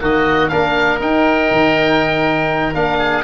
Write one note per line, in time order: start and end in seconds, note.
0.00 0.52 D#3
0.00 0.50 A#3
0.00 0.51 F#4
0.00 0.49 D#5
0.49 1.01 A#3
0.49 1.00 D4
0.49 2.99 A#4
0.49 0.99 F5
1.00 2.74 D#4
1.00 1.51 D#4
1.00 2.75 G5
1.52 2.74 D#3
2.74 3.24 A#3
2.74 3.24 D4
2.74 3.24 F5
2.99 3.24 G#4